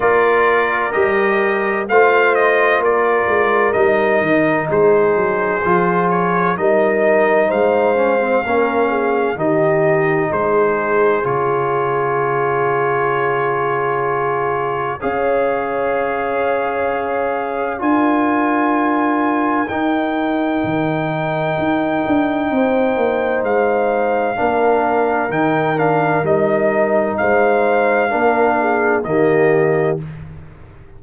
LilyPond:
<<
  \new Staff \with { instrumentName = "trumpet" } { \time 4/4 \tempo 4 = 64 d''4 dis''4 f''8 dis''8 d''4 | dis''4 c''4. cis''8 dis''4 | f''2 dis''4 c''4 | cis''1 |
f''2. gis''4~ | gis''4 g''2.~ | g''4 f''2 g''8 f''8 | dis''4 f''2 dis''4 | }
  \new Staff \with { instrumentName = "horn" } { \time 4/4 ais'2 c''4 ais'4~ | ais'4 gis'2 ais'4 | c''4 ais'8 gis'8 g'4 gis'4~ | gis'1 |
cis''2. ais'4~ | ais'1 | c''2 ais'2~ | ais'4 c''4 ais'8 gis'8 g'4 | }
  \new Staff \with { instrumentName = "trombone" } { \time 4/4 f'4 g'4 f'2 | dis'2 f'4 dis'4~ | dis'8 cis'16 c'16 cis'4 dis'2 | f'1 |
gis'2. f'4~ | f'4 dis'2.~ | dis'2 d'4 dis'8 d'8 | dis'2 d'4 ais4 | }
  \new Staff \with { instrumentName = "tuba" } { \time 4/4 ais4 g4 a4 ais8 gis8 | g8 dis8 gis8 fis8 f4 g4 | gis4 ais4 dis4 gis4 | cis1 |
cis'2. d'4~ | d'4 dis'4 dis4 dis'8 d'8 | c'8 ais8 gis4 ais4 dis4 | g4 gis4 ais4 dis4 | }
>>